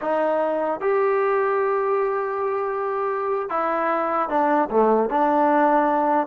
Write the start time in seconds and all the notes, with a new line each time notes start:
0.01 D#4
0.80 G4
3.49 E4
4.29 D4
4.70 A3
5.09 D4